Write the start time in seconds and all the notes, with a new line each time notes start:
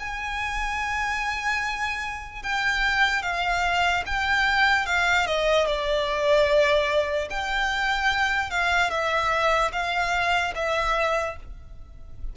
0.00 G#5
2.43 G5
3.22 F5
4.06 G5
4.86 F5
5.27 D#5
5.66 D5
7.30 G5
8.51 F5
8.90 E5
9.73 F5
10.56 E5